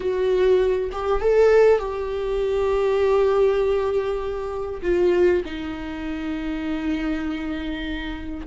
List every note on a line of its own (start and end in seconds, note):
0.00 0.90 F#4
0.91 1.21 G4
1.21 1.78 A4
1.78 4.81 G4
4.82 5.42 F4
5.45 8.46 D#4